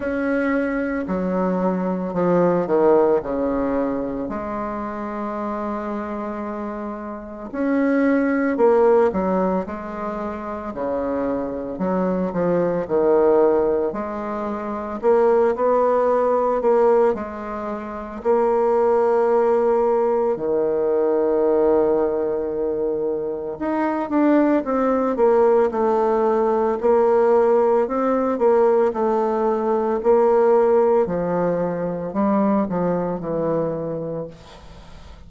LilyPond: \new Staff \with { instrumentName = "bassoon" } { \time 4/4 \tempo 4 = 56 cis'4 fis4 f8 dis8 cis4 | gis2. cis'4 | ais8 fis8 gis4 cis4 fis8 f8 | dis4 gis4 ais8 b4 ais8 |
gis4 ais2 dis4~ | dis2 dis'8 d'8 c'8 ais8 | a4 ais4 c'8 ais8 a4 | ais4 f4 g8 f8 e4 | }